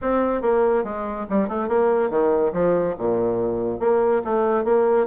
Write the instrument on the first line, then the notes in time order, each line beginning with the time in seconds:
bassoon
0.01 C4
0.41 A#3
0.83 G#3
1.29 G3
1.48 A3
1.68 A#3
2.10 D#3
2.52 F3
2.98 A#2
3.79 A#3
4.24 A3
4.64 A#3